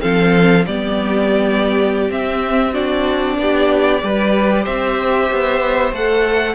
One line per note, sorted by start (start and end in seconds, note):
0.00 0.67 F3
0.00 0.64 C4
0.00 0.66 A4
0.00 0.65 F5
0.66 2.11 G3
0.66 2.09 B3
0.66 2.73 G4
0.66 2.10 D5
2.09 2.73 C4
2.09 3.39 C4
2.09 2.74 E5
2.73 4.01 D4
2.73 3.37 F#4
2.73 4.65 D5
3.39 4.03 B3
3.39 4.04 G4
4.02 4.67 G3
4.02 5.93 G4
4.02 4.63 B4
4.63 5.31 C4
4.63 6.55 C5
4.63 5.93 E5
5.32 5.93 B3
5.93 6.55 A3
5.93 6.55 A4
5.93 6.55 F#5